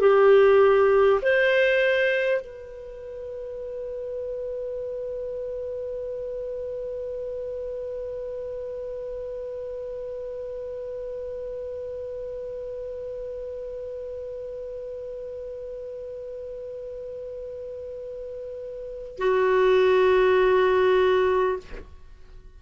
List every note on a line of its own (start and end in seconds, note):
0.00 1.20 G4
1.22 2.41 C5
2.41 19.18 B4
19.18 21.58 F#4